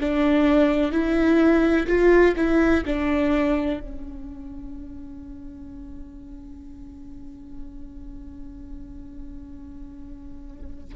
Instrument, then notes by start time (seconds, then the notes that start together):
viola
0.00 D4
0.91 E4
1.87 F4
2.36 E4
2.85 D4
3.80 C#4